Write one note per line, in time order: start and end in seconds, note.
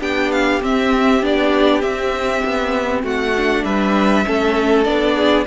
0.00 0.62 B3
0.00 0.61 D4
0.00 3.03 G4
0.00 0.32 G5
0.32 0.62 F5
0.62 1.22 C4
0.62 1.23 C4
0.62 1.25 E5
1.22 1.83 B3
1.22 1.82 D4
1.22 1.82 D5
1.82 3.34 C4
1.82 2.43 C4
1.82 3.03 E5
2.45 3.04 B3
3.03 3.64 A3
3.03 3.64 F#4
3.03 3.65 F#5
3.37 4.25 D4
3.65 4.26 G3
3.65 4.26 B4
3.65 4.84 E5
4.25 4.86 A3
4.25 4.85 C#4
4.25 5.16 A4
4.84 5.46 B3
4.84 5.46 D4
4.84 5.45 D5
5.16 5.46 G#4